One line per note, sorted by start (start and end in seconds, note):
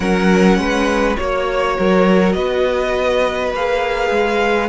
0.00 0.58 F#3
0.00 1.18 C#4
0.00 0.58 A#4
0.00 1.15 F#5
0.58 1.17 G#3
0.58 1.19 B4
1.16 1.78 A#3
1.16 3.54 F#4
1.16 2.32 C#5
1.16 1.77 C#5
1.77 2.34 F#3
1.77 2.36 A#4
2.32 3.52 B3
2.32 4.69 B4
2.32 3.50 D#5
3.52 4.10 A#3
3.52 4.69 G#4
3.52 4.69 F5
4.10 4.69 G#3